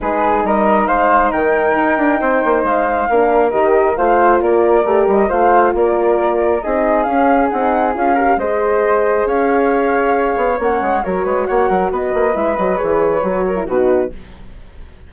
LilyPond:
<<
  \new Staff \with { instrumentName = "flute" } { \time 4/4 \tempo 4 = 136 b'4 dis''4 f''4 g''4~ | g''2 f''2 | dis''4 f''4 d''4. dis''8 | f''4 d''2 dis''4 |
f''4 fis''4 f''4 dis''4~ | dis''4 f''2. | fis''4 cis''4 fis''4 dis''4 | e''8 dis''8 cis''2 b'4 | }
  \new Staff \with { instrumentName = "flute" } { \time 4/4 gis'4 ais'4 c''4 ais'4~ | ais'4 c''2 ais'4~ | ais'4 c''4 ais'2 | c''4 ais'2 gis'4~ |
gis'2~ gis'8 ais'8 c''4~ | c''4 cis''2.~ | cis''4 ais'8 b'8 cis''8 ais'8 b'4~ | b'2~ b'8 ais'8 fis'4 | }
  \new Staff \with { instrumentName = "horn" } { \time 4/4 dis'1~ | dis'2. d'4 | g'4 f'2 g'4 | f'2. dis'4 |
cis'4 dis'4 f'8 g'8 gis'4~ | gis'1 | cis'4 fis'2. | e'8 fis'8 gis'4 fis'8. e'16 dis'4 | }
  \new Staff \with { instrumentName = "bassoon" } { \time 4/4 gis4 g4 gis4 dis4 | dis'8 d'8 c'8 ais8 gis4 ais4 | dis4 a4 ais4 a8 g8 | a4 ais2 c'4 |
cis'4 c'4 cis'4 gis4~ | gis4 cis'2~ cis'8 b8 | ais8 gis8 fis8 gis8 ais8 fis8 b8 ais8 | gis8 fis8 e4 fis4 b,4 | }
>>